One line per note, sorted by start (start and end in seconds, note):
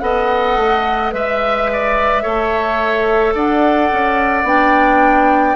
0.00 0.56 B3
0.00 1.11 A4
0.00 1.14 D#5
0.00 1.11 F#5
0.56 1.12 A3
1.11 2.24 G#3
1.11 2.22 B4
1.11 3.34 E5
1.11 1.70 E5
1.73 2.23 D5
2.23 3.35 A3
2.23 4.45 A4
2.23 3.34 C#5
3.35 3.90 D4
3.35 5.56 D5
3.35 4.47 F#5
3.92 4.44 C#4
4.44 5.55 B3
4.44 5.56 D4
4.44 5.56 G5